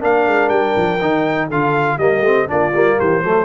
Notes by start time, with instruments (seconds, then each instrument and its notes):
0.00 tuba A#3, trombone D4, horn A#4, trumpet F5
0.27 tuba G#3
0.49 tuba G3, trumpet G5
0.77 tuba F3
1.01 tuba D#3, trombone D#4
1.48 tuba D3, trombone F4, horn A4, trumpet F5
1.98 tuba G3, trombone A#3, horn G4, trumpet D#5
2.21 tuba A3, trombone C4
2.48 tuba A#3, trombone D4, horn F4, trumpet D5
2.74 tuba G3, trombone A#3
2.98 tuba E3, horn G4, trumpet C5
3.24 tuba F#3, trombone A3, horn A4